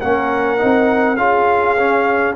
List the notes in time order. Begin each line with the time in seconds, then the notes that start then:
0.00 A#3 C#4 A#4 F#5
0.57 C4 D#4
1.16 C#4 F4 G#4 F5
1.78 C#4